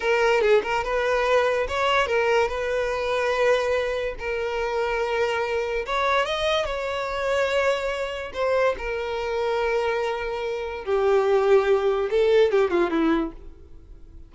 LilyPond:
\new Staff \with { instrumentName = "violin" } { \time 4/4 \tempo 4 = 144 ais'4 gis'8 ais'8 b'2 | cis''4 ais'4 b'2~ | b'2 ais'2~ | ais'2 cis''4 dis''4 |
cis''1 | c''4 ais'2.~ | ais'2 g'2~ | g'4 a'4 g'8 f'8 e'4 | }